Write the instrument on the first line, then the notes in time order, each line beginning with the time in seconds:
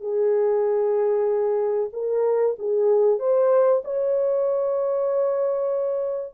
horn
0.00 G#4
1.93 A#4
2.58 G#4
3.19 C5
3.84 C#5